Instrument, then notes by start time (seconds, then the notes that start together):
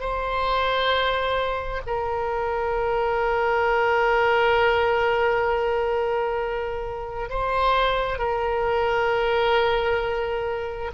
oboe
0.00 C5
1.87 A#4
7.30 C5
8.19 A#4